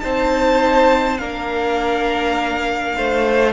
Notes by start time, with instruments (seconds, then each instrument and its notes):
0.00 cello C4, viola D#4, violin C5 A5
1.18 cello A#3, viola D4, violin A#4 F5
2.97 cello A3, violin C5